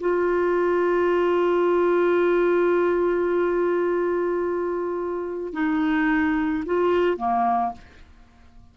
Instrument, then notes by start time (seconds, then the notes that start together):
clarinet
0.00 F4
5.53 D#4
6.65 F4
7.17 A#3